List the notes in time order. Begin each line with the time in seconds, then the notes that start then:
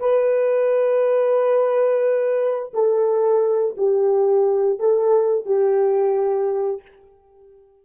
0.00 B4
2.74 A4
3.77 G4
4.80 A4
5.46 G4